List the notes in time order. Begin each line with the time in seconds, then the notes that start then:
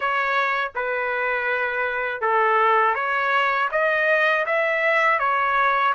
0.00 C#5
0.75 B4
2.21 A4
2.95 C#5
3.71 D#5
4.45 E5
5.19 C#5